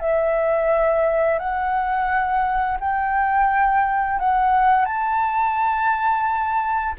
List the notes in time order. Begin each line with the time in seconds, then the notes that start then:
0.00 E5
1.39 F#5
2.81 G5
4.20 F#5
4.86 A5